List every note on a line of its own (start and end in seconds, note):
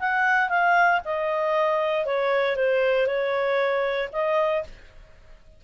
0.00 0.49 F#5
0.49 1.01 F5
1.05 2.06 D#5
2.06 2.56 C#5
2.56 3.07 C5
3.07 4.10 C#5
4.13 4.64 D#5